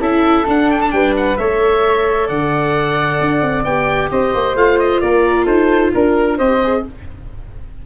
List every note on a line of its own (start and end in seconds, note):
0.00 0.45 C#4
0.00 0.46 E4
0.00 0.91 A4
0.00 0.47 E5
0.46 1.37 D4
0.46 0.92 D4
0.46 0.71 F#5
0.71 0.81 G5
0.81 0.91 A5
0.91 1.38 G3
0.91 1.39 B4
0.91 1.14 G5
1.17 1.37 F#5
1.37 2.30 A3
1.37 3.67 A4
1.37 2.27 C#5
1.37 2.28 E5
2.27 3.20 D3
2.27 4.09 D5
2.27 3.64 F#5
3.20 3.41 D4
3.41 3.64 C4
3.64 4.10 B3
3.64 4.56 G4
3.64 4.10 G5
4.11 4.34 C4
4.11 5.03 C5
4.11 4.57 D#5
4.34 4.55 A#3
4.55 5.01 A3
4.55 6.38 F4
4.55 4.79 F5
4.79 5.01 D#5
5.01 5.46 A#3
5.01 5.45 A#4
5.01 5.46 D5
5.45 5.92 D#4
5.45 5.91 A4
5.45 5.92 C5
5.94 6.39 D4
5.94 6.38 A#4
6.38 6.85 C4
6.38 6.61 G4
6.38 6.83 C5
6.38 6.84 D#5
6.63 6.86 G#4